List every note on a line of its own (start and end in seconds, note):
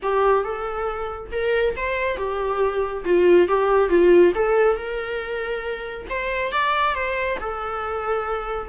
0.02 0.44 G4
0.44 1.31 A4
1.31 1.75 A#4
1.76 2.17 C5
2.17 3.04 G4
3.04 3.48 F4
3.48 3.89 G4
3.89 4.32 F4
4.35 4.76 A4
4.76 6.07 A#4
6.09 6.52 C5
6.52 6.94 D5
6.94 7.38 C5
7.39 8.68 A4